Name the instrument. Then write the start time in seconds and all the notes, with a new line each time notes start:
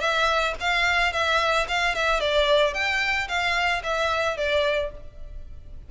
violin
0.00 E5
0.60 F5
1.12 E5
1.68 F5
1.95 E5
2.20 D5
2.74 G5
3.28 F5
3.83 E5
4.37 D5